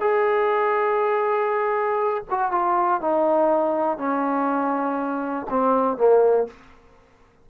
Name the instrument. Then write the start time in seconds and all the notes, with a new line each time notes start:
trombone
0.00 G#4
2.30 F#4
2.51 F4
3.01 D#4
3.98 C#4
5.50 C4
5.97 A#3